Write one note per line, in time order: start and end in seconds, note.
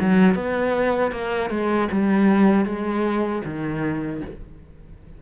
0.00 0.35 F#3
0.35 1.12 B3
1.12 1.50 A#3
1.50 1.88 G#3
1.92 2.65 G3
2.65 3.42 G#3
3.45 4.22 D#3